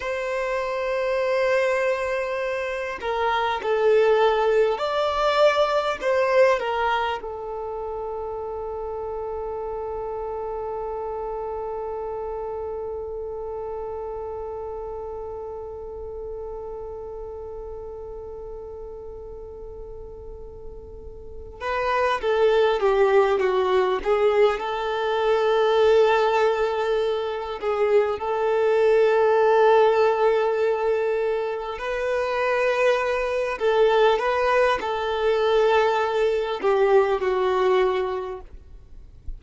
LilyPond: \new Staff \with { instrumentName = "violin" } { \time 4/4 \tempo 4 = 50 c''2~ c''8 ais'8 a'4 | d''4 c''8 ais'8 a'2~ | a'1~ | a'1~ |
a'2 b'8 a'8 g'8 fis'8 | gis'8 a'2~ a'8 gis'8 a'8~ | a'2~ a'8 b'4. | a'8 b'8 a'4. g'8 fis'4 | }